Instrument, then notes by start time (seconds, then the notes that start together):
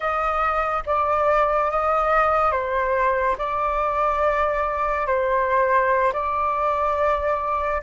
flute
0.00 D#5
0.86 D5
1.71 D#5
2.51 C5
3.38 D5
5.07 C5
6.13 D5